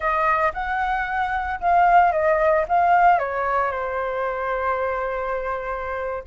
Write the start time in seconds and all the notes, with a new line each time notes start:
0.00 D#5
0.53 F#5
1.60 F5
2.11 D#5
2.68 F5
3.19 C#5
3.71 C5